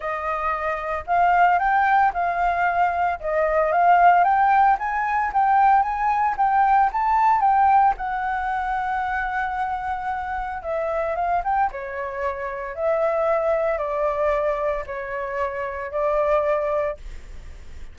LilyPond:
\new Staff \with { instrumentName = "flute" } { \time 4/4 \tempo 4 = 113 dis''2 f''4 g''4 | f''2 dis''4 f''4 | g''4 gis''4 g''4 gis''4 | g''4 a''4 g''4 fis''4~ |
fis''1 | e''4 f''8 g''8 cis''2 | e''2 d''2 | cis''2 d''2 | }